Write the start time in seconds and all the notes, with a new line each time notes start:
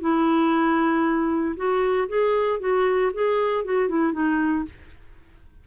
0.00 E4
1.56 F#4
2.08 G#4
2.60 F#4
3.13 G#4
3.64 F#4
3.88 E4
4.12 D#4